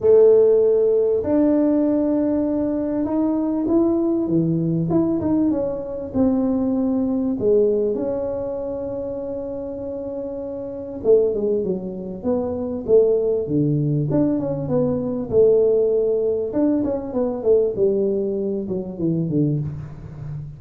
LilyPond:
\new Staff \with { instrumentName = "tuba" } { \time 4/4 \tempo 4 = 98 a2 d'2~ | d'4 dis'4 e'4 e4 | e'8 dis'8 cis'4 c'2 | gis4 cis'2.~ |
cis'2 a8 gis8 fis4 | b4 a4 d4 d'8 cis'8 | b4 a2 d'8 cis'8 | b8 a8 g4. fis8 e8 d8 | }